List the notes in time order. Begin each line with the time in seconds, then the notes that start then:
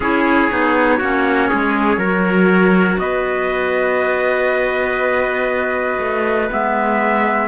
0.00 C#4 E4 G#4 C#5
0.50 B3 D#4
0.97 A#3 C#4 F#4
1.49 G#3 G#4
1.97 F#3 F#4 A#4
2.98 B3 B4 D#5
5.99 A3
6.50 G#3 B3 E5